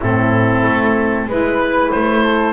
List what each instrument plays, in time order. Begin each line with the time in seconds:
0.00 double bass A2, saxophone C4, flute E4, oboe A4
0.63 double bass A3
1.26 double bass G#3, saxophone E4, flute B4, oboe B4
1.91 double bass A3, oboe C5
2.23 flute A4